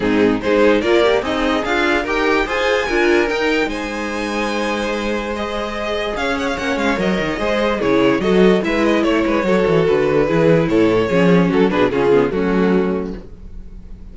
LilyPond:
<<
  \new Staff \with { instrumentName = "violin" } { \time 4/4 \tempo 4 = 146 gis'4 c''4 d''4 dis''4 | f''4 g''4 gis''2 | g''4 gis''2.~ | gis''4 dis''2 f''8 fis''16 f''16 |
fis''8 f''8 dis''2 cis''4 | dis''4 e''8 dis''8 cis''2 | b'2 cis''2 | a'8 b'8 gis'4 fis'2 | }
  \new Staff \with { instrumentName = "violin" } { \time 4/4 dis'4 gis'4 ais'4 dis'4 | f'4 ais'4 c''4 ais'4~ | ais'4 c''2.~ | c''2. cis''4~ |
cis''2 c''4 gis'4 | a'4 b'4 cis''8 b'8 a'4~ | a'4 gis'4 a'4 gis'4 | fis'8 gis'8 f'4 cis'2 | }
  \new Staff \with { instrumentName = "viola" } { \time 4/4 c'4 dis'4 f'8 g'8 gis'4~ | gis'4 g'4 gis'4 f'4 | dis'1~ | dis'4 gis'2. |
cis'4 ais'4 gis'4 e'4 | fis'4 e'2 fis'4~ | fis'4 e'2 cis'4~ | cis'8 d'8 cis'8 b8 a2 | }
  \new Staff \with { instrumentName = "cello" } { \time 4/4 gis,4 gis4 ais4 c'4 | d'4 dis'4 f'4 d'4 | dis'4 gis2.~ | gis2. cis'4 |
ais8 gis8 fis8 dis8 gis4 cis4 | fis4 gis4 a8 gis8 fis8 e8 | d4 e4 a,4 f4 | fis8 b,8 cis4 fis2 | }
>>